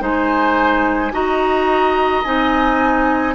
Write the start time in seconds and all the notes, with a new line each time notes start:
0.00 G#3 D#4 C5 G#5
1.12 D#4 F#4 D#5 A#5
2.24 C4 D#4 G#5